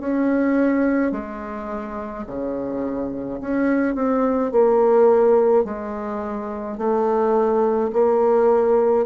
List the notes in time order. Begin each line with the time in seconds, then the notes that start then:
0.00 C#4
1.12 G#3
2.27 C#3
3.41 C#4
3.95 C4
4.52 A#3
5.64 G#3
6.78 A3
7.93 A#3